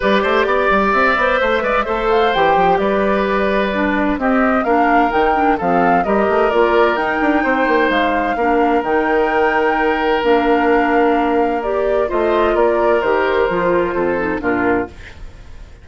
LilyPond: <<
  \new Staff \with { instrumentName = "flute" } { \time 4/4 \tempo 4 = 129 d''2 e''2~ | e''8 f''8 g''4 d''2~ | d''4 dis''4 f''4 g''4 | f''4 dis''4 d''4 g''4~ |
g''4 f''2 g''4~ | g''2 f''2~ | f''4 d''4 dis''4 d''4 | c''2. ais'4 | }
  \new Staff \with { instrumentName = "oboe" } { \time 4/4 b'8 c''8 d''2 c''8 d''8 | c''2 b'2~ | b'4 g'4 ais'2 | a'4 ais'2. |
c''2 ais'2~ | ais'1~ | ais'2 c''4 ais'4~ | ais'2 a'4 f'4 | }
  \new Staff \with { instrumentName = "clarinet" } { \time 4/4 g'2~ g'8 c''4 b'8 | a'4 g'2. | d'4 c'4 d'4 dis'8 d'8 | c'4 g'4 f'4 dis'4~ |
dis'2 d'4 dis'4~ | dis'2 d'2~ | d'4 g'4 f'2 | g'4 f'4. dis'8 d'4 | }
  \new Staff \with { instrumentName = "bassoon" } { \time 4/4 g8 a8 b8 g8 c'8 b8 a8 gis8 | a4 e8 f8 g2~ | g4 c'4 ais4 dis4 | f4 g8 a8 ais4 dis'8 d'8 |
c'8 ais8 gis4 ais4 dis4~ | dis2 ais2~ | ais2 a4 ais4 | dis4 f4 f,4 ais,4 | }
>>